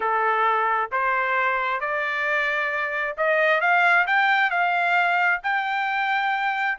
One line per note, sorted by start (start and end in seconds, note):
0.00 0.90 A4
0.91 1.80 C5
1.80 3.15 D5
3.17 3.60 D#5
3.60 4.06 F5
4.06 4.50 G5
4.50 5.40 F5
5.43 6.78 G5